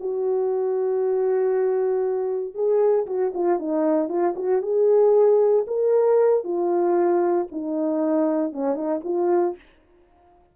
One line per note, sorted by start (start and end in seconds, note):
0.00 2.54 F#4
2.54 3.06 G#4
3.06 3.32 F#4
3.34 3.59 F4
3.59 4.08 D#4
4.08 4.34 F4
4.36 4.62 F#4
4.62 5.65 G#4
5.67 6.44 A#4
6.44 7.47 F4
7.51 8.52 D#4
8.52 8.74 C#4
8.74 9.00 D#4
9.04 9.56 F4